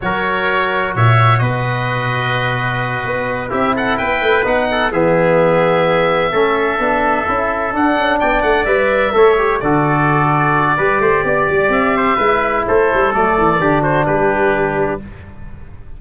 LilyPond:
<<
  \new Staff \with { instrumentName = "oboe" } { \time 4/4 \tempo 4 = 128 cis''2 e''4 dis''4~ | dis''2.~ dis''8 e''8 | fis''8 g''4 fis''4 e''4.~ | e''1~ |
e''8 fis''4 g''8 fis''8 e''4.~ | e''8 d''2.~ d''8~ | d''4 e''2 c''4 | d''4. c''8 b'2 | }
  \new Staff \with { instrumentName = "trumpet" } { \time 4/4 ais'2 cis''4 b'4~ | b'2.~ b'8 g'8 | a'8 b'4. a'8 gis'4.~ | gis'4. a'2~ a'8~ |
a'4. d''2 cis''8~ | cis''8 a'2~ a'8 b'8 c''8 | d''4. c''8 b'4 a'4~ | a'4 g'8 fis'8 g'2 | }
  \new Staff \with { instrumentName = "trombone" } { \time 4/4 fis'1~ | fis'2.~ fis'8 e'8~ | e'4. dis'4 b4.~ | b4. cis'4 d'4 e'8~ |
e'8 d'2 b'4 a'8 | g'8 fis'2~ fis'8 g'4~ | g'2 e'2 | a4 d'2. | }
  \new Staff \with { instrumentName = "tuba" } { \time 4/4 fis2 ais,4 b,4~ | b,2~ b,8 b4 c'8~ | c'8 b8 a8 b4 e4.~ | e4. a4 b4 cis'8~ |
cis'8 d'8 cis'8 b8 a8 g4 a8~ | a8 d2~ d8 g8 a8 | b8 g8 c'4 gis4 a8 g8 | fis8 e8 d4 g2 | }
>>